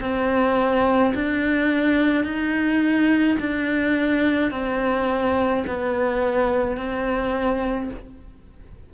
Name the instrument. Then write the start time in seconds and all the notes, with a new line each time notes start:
cello
0.00 C4
1.14 D4
2.24 D#4
3.39 D4
4.51 C4
5.67 B3
6.77 C4